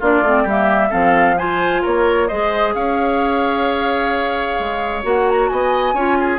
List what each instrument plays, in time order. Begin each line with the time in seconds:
0.00 bassoon A#3, clarinet D4, oboe F4, flute D5
0.23 bassoon A3, clarinet C4
0.43 bassoon G3, clarinet A#3, oboe G4, flute E5
0.90 bassoon F3, clarinet C4, oboe A4, flute F5
1.38 clarinet F4, oboe C5, flute G#5
1.82 bassoon A#3, oboe A#4, flute C#5
2.28 bassoon G#3, clarinet G#4, oboe C5, flute D#5
2.75 bassoon C#4, oboe C#5, flute F5
4.60 bassoon G#3
5.03 bassoon A#3, clarinet F#4, flute F#5
5.29 flute A#5
5.49 bassoon B3, oboe D#5, flute G#5
5.94 bassoon C#4, clarinet F4, oboe C#5
6.20 oboe G#4